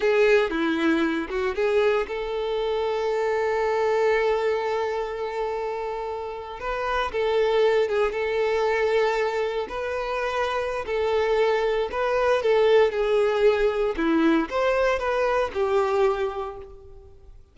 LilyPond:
\new Staff \with { instrumentName = "violin" } { \time 4/4 \tempo 4 = 116 gis'4 e'4. fis'8 gis'4 | a'1~ | a'1~ | a'8. b'4 a'4. gis'8 a'16~ |
a'2~ a'8. b'4~ b'16~ | b'4 a'2 b'4 | a'4 gis'2 e'4 | c''4 b'4 g'2 | }